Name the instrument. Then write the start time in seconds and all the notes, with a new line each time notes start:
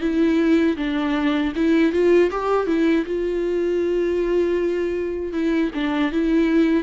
viola
0.00 E4
0.76 D4
1.55 E4
1.92 F4
2.31 G4
2.67 E4
3.05 F4
5.33 E4
5.74 D4
6.11 E4